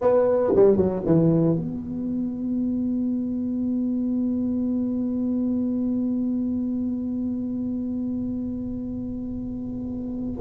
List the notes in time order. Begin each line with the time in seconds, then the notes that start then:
0.01 B3
0.55 G3
0.76 F#3
1.05 E3
1.56 B3